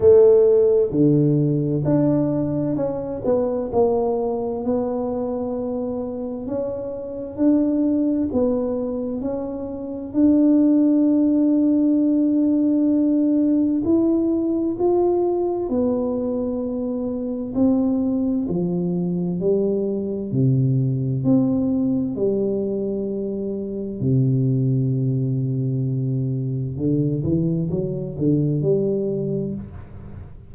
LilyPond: \new Staff \with { instrumentName = "tuba" } { \time 4/4 \tempo 4 = 65 a4 d4 d'4 cis'8 b8 | ais4 b2 cis'4 | d'4 b4 cis'4 d'4~ | d'2. e'4 |
f'4 b2 c'4 | f4 g4 c4 c'4 | g2 c2~ | c4 d8 e8 fis8 d8 g4 | }